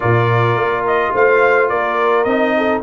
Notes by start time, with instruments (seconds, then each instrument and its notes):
0.00 tuba A#2, trombone F4, horn A#4, trumpet D5
0.56 tuba A#3
0.87 trumpet D#5
1.13 tuba A3, horn C5, trumpet F5
1.68 tuba A#3, horn A#4, trumpet D5
2.24 tuba C4, trombone D#4, trumpet D#5
2.57 horn A4